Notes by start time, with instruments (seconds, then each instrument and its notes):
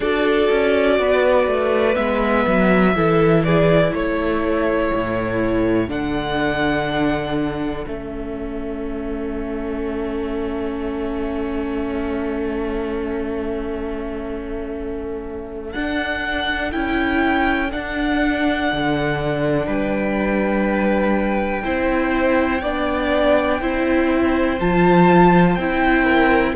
0.00 cello D4, viola F#4, violin A4 D5
0.50 cello C#4
0.99 cello B3, violin B4
1.47 cello A3
1.94 cello G#3, viola B3, violin E5
2.47 cello F#3
2.94 cello E3, viola E4, violin A4
3.43 violin G#4 D5
3.92 cello A3, violin A4 C#5
4.93 cello A2
5.87 cello D3, viola D4, violin F#5
7.86 cello A3, viola C#4, violin E5
15.72 viola D4, cello D4, violin F#5
16.71 cello C#4, viola E4, violin G5
17.69 viola D4, cello D4, violin F#5
18.72 cello D3
19.66 cello G3, violin B4 G5
21.63 cello C4, viola E4, violin C5
22.61 cello B3, viola D4, violin D5
23.60 cello C4, viola E4, violin C5
24.60 cello F3, viola F4, violin A5
25.55 cello C4, viola E4, violin G5
26.04 violin A#4